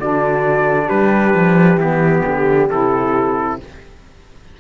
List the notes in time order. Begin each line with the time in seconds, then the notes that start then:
0.00 D3 D4 F#4 D5
0.86 G3 G4 B4
1.35 F3
1.78 E3 B3 G4
2.26 D3
2.70 C3 E4 A4